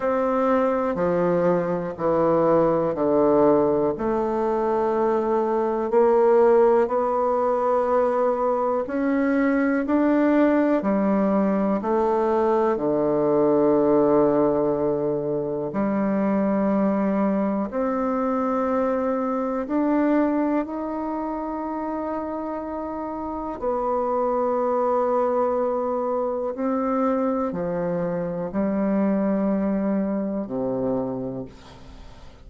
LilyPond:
\new Staff \with { instrumentName = "bassoon" } { \time 4/4 \tempo 4 = 61 c'4 f4 e4 d4 | a2 ais4 b4~ | b4 cis'4 d'4 g4 | a4 d2. |
g2 c'2 | d'4 dis'2. | b2. c'4 | f4 g2 c4 | }